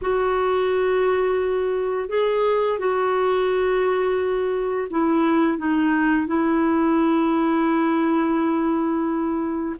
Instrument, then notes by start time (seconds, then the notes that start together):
clarinet
0.01 F#4
2.09 G#4
2.78 F#4
4.90 E4
5.58 D#4
6.27 E4